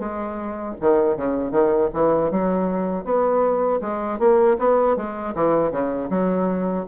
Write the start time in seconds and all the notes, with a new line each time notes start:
0.00 G#3
0.81 D#3
1.17 C#3
1.52 D#3
1.94 E3
2.31 F#3
3.05 B3
3.81 G#3
4.19 A#3
4.59 B3
4.97 G#3
5.35 E3
5.72 C#3
6.10 F#3